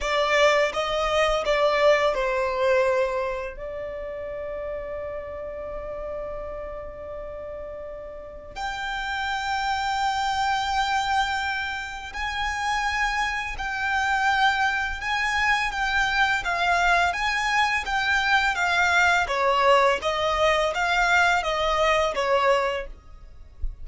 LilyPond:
\new Staff \with { instrumentName = "violin" } { \time 4/4 \tempo 4 = 84 d''4 dis''4 d''4 c''4~ | c''4 d''2.~ | d''1 | g''1~ |
g''4 gis''2 g''4~ | g''4 gis''4 g''4 f''4 | gis''4 g''4 f''4 cis''4 | dis''4 f''4 dis''4 cis''4 | }